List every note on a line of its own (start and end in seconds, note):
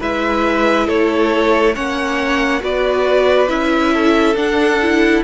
0.00 0.87 G#3
0.00 1.74 E4
0.00 0.86 B4
0.00 0.88 E5
0.86 1.75 A3
0.86 1.73 A4
0.86 1.75 C#5
1.74 2.61 A#3
1.74 2.60 C#4
1.74 2.61 C#5
1.74 2.62 F#5
2.60 3.48 B3
2.60 3.47 F#4
2.60 3.93 B4
2.60 3.48 D5
3.48 4.35 C#4
3.48 4.35 E4
3.48 4.35 E5
3.93 5.24 A4
4.35 5.22 D4
4.35 4.79 D4
4.35 5.23 F#5
4.81 5.24 E4